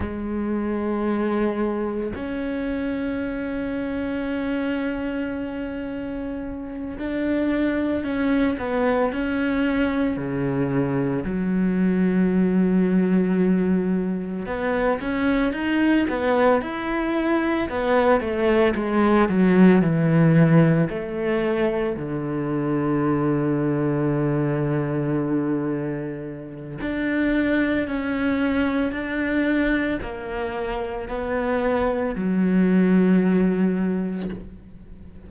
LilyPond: \new Staff \with { instrumentName = "cello" } { \time 4/4 \tempo 4 = 56 gis2 cis'2~ | cis'2~ cis'8 d'4 cis'8 | b8 cis'4 cis4 fis4.~ | fis4. b8 cis'8 dis'8 b8 e'8~ |
e'8 b8 a8 gis8 fis8 e4 a8~ | a8 d2.~ d8~ | d4 d'4 cis'4 d'4 | ais4 b4 fis2 | }